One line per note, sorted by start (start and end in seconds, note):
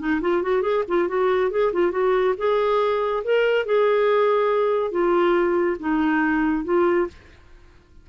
0.00 0.21 D#4
0.22 0.43 F4
0.43 0.63 F#4
0.63 0.84 G#4
0.88 1.08 F4
1.08 1.51 F#4
1.51 1.73 G#4
1.73 1.92 F4
1.92 2.35 F#4
2.38 3.24 G#4
3.25 3.66 A#4
3.66 4.91 G#4
4.91 5.77 F4
5.80 6.65 D#4
6.65 7.08 F4